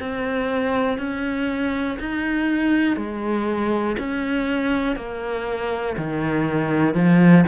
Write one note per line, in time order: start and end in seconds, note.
0.00 0.98 C4
0.98 1.98 C#4
2.00 2.97 D#4
2.97 3.97 G#3
3.99 4.96 C#4
4.96 5.96 A#3
5.98 6.95 D#3
6.95 7.45 F3